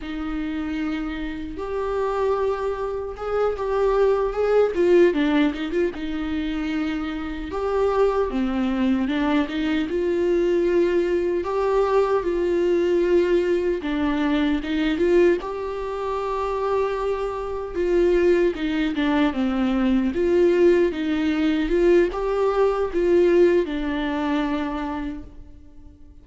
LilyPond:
\new Staff \with { instrumentName = "viola" } { \time 4/4 \tempo 4 = 76 dis'2 g'2 | gis'8 g'4 gis'8 f'8 d'8 dis'16 f'16 dis'8~ | dis'4. g'4 c'4 d'8 | dis'8 f'2 g'4 f'8~ |
f'4. d'4 dis'8 f'8 g'8~ | g'2~ g'8 f'4 dis'8 | d'8 c'4 f'4 dis'4 f'8 | g'4 f'4 d'2 | }